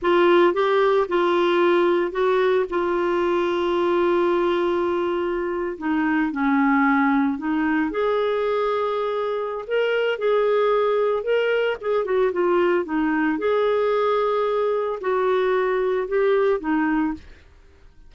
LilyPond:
\new Staff \with { instrumentName = "clarinet" } { \time 4/4 \tempo 4 = 112 f'4 g'4 f'2 | fis'4 f'2.~ | f'2~ f'8. dis'4 cis'16~ | cis'4.~ cis'16 dis'4 gis'4~ gis'16~ |
gis'2 ais'4 gis'4~ | gis'4 ais'4 gis'8 fis'8 f'4 | dis'4 gis'2. | fis'2 g'4 dis'4 | }